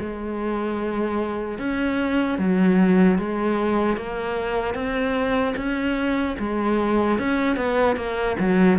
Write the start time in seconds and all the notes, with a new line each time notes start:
0.00 G#3
1.59 C#4
2.39 F#3
3.19 G#3
3.97 A#3
4.75 C4
5.57 C#4
6.39 G#3
7.19 C#4
7.56 B3
7.96 A#3
8.39 F#3